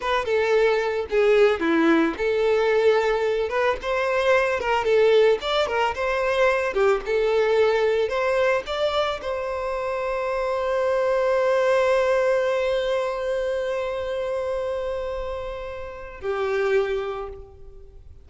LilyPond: \new Staff \with { instrumentName = "violin" } { \time 4/4 \tempo 4 = 111 b'8 a'4. gis'4 e'4 | a'2~ a'8 b'8 c''4~ | c''8 ais'8 a'4 d''8 ais'8 c''4~ | c''8 g'8 a'2 c''4 |
d''4 c''2.~ | c''1~ | c''1~ | c''2 g'2 | }